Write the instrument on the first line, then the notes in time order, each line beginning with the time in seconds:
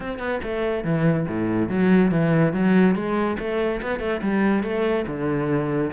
cello
0.00 C4
0.18 B3
0.43 A3
0.84 E3
1.28 A2
1.69 F#3
2.11 E3
2.53 F#3
2.95 G#3
3.38 A3
3.81 B3
3.99 A3
4.22 G3
4.63 A3
5.07 D3